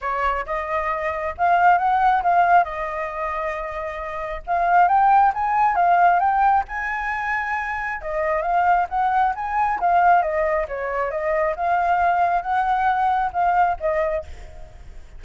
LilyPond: \new Staff \with { instrumentName = "flute" } { \time 4/4 \tempo 4 = 135 cis''4 dis''2 f''4 | fis''4 f''4 dis''2~ | dis''2 f''4 g''4 | gis''4 f''4 g''4 gis''4~ |
gis''2 dis''4 f''4 | fis''4 gis''4 f''4 dis''4 | cis''4 dis''4 f''2 | fis''2 f''4 dis''4 | }